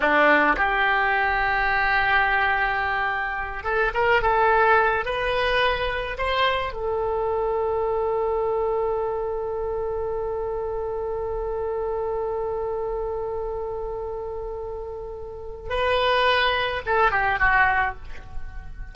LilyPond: \new Staff \with { instrumentName = "oboe" } { \time 4/4 \tempo 4 = 107 d'4 g'2.~ | g'2~ g'8 a'8 ais'8 a'8~ | a'4 b'2 c''4 | a'1~ |
a'1~ | a'1~ | a'1 | b'2 a'8 g'8 fis'4 | }